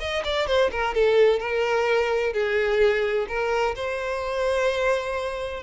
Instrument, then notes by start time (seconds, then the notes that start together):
violin
0.00 D#5
0.25 D5
0.47 C5
0.72 A#4
0.94 A4
1.40 A#4
2.33 G#4
3.29 A#4
3.76 C5